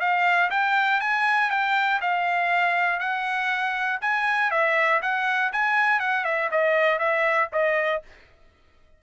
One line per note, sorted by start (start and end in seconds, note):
0.00 0.50 F5
0.50 1.00 G5
1.00 1.50 G#5
1.50 2.00 G5
2.01 3.00 F5
3.00 4.00 F#5
4.01 4.51 G#5
4.51 5.01 E5
5.02 5.52 F#5
5.53 6.00 G#5
6.00 6.25 F#5
6.25 6.50 E5
6.51 6.99 D#5
6.99 7.49 E5
7.52 8.03 D#5